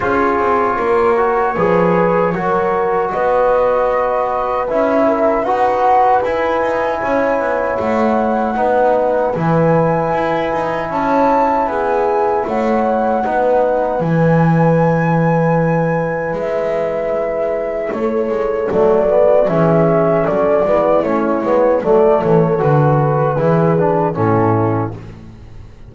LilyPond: <<
  \new Staff \with { instrumentName = "flute" } { \time 4/4 \tempo 4 = 77 cis''1 | dis''2 e''4 fis''4 | gis''2 fis''2 | gis''2 a''4 gis''4 |
fis''2 gis''2~ | gis''4 e''2 cis''4 | d''4 e''4 d''4 cis''4 | d''8 cis''8 b'2 a'4 | }
  \new Staff \with { instrumentName = "horn" } { \time 4/4 gis'4 ais'4 b'4 ais'4 | b'2~ b'8 ais'8 b'4~ | b'4 cis''2 b'4~ | b'2 cis''4 gis'4 |
cis''4 b'2.~ | b'2. a'4~ | a'4 gis'4 a'8 e'4. | a'2 gis'4 e'4 | }
  \new Staff \with { instrumentName = "trombone" } { \time 4/4 f'4. fis'8 gis'4 fis'4~ | fis'2 e'4 fis'4 | e'2. dis'4 | e'1~ |
e'4 dis'4 e'2~ | e'1 | a8 b8 cis'4. b8 cis'8 b8 | a4 fis'4 e'8 d'8 cis'4 | }
  \new Staff \with { instrumentName = "double bass" } { \time 4/4 cis'8 c'8 ais4 f4 fis4 | b2 cis'4 dis'4 | e'8 dis'8 cis'8 b8 a4 b4 | e4 e'8 dis'8 cis'4 b4 |
a4 b4 e2~ | e4 gis2 a8 gis8 | fis4 e4 fis8 gis8 a8 gis8 | fis8 e8 d4 e4 a,4 | }
>>